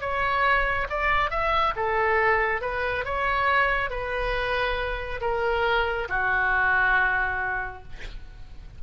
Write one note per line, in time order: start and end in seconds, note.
0.00 0.87 C#5
0.89 1.30 D5
1.30 1.74 E5
1.75 2.61 A4
2.61 3.04 B4
3.04 3.89 C#5
3.89 5.20 B4
5.21 6.08 A#4
6.09 7.83 F#4